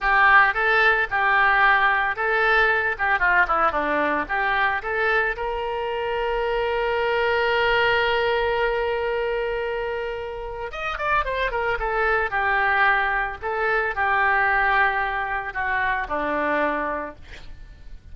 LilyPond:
\new Staff \with { instrumentName = "oboe" } { \time 4/4 \tempo 4 = 112 g'4 a'4 g'2 | a'4. g'8 f'8 e'8 d'4 | g'4 a'4 ais'2~ | ais'1~ |
ais'1 | dis''8 d''8 c''8 ais'8 a'4 g'4~ | g'4 a'4 g'2~ | g'4 fis'4 d'2 | }